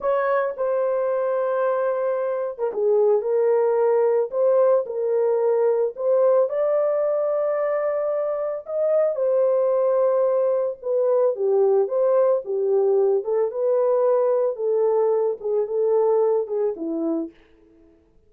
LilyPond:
\new Staff \with { instrumentName = "horn" } { \time 4/4 \tempo 4 = 111 cis''4 c''2.~ | c''8. ais'16 gis'4 ais'2 | c''4 ais'2 c''4 | d''1 |
dis''4 c''2. | b'4 g'4 c''4 g'4~ | g'8 a'8 b'2 a'4~ | a'8 gis'8 a'4. gis'8 e'4 | }